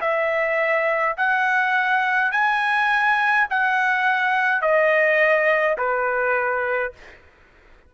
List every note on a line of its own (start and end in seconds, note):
0.00 1.15 E5
1.17 2.31 F#5
2.31 3.47 G#5
3.49 4.61 F#5
4.61 5.76 D#5
5.77 6.92 B4